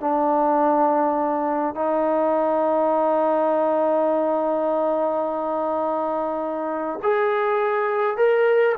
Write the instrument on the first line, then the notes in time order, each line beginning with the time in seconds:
trombone
0.00 D4
1.75 D#4
7.02 G#4
8.17 A#4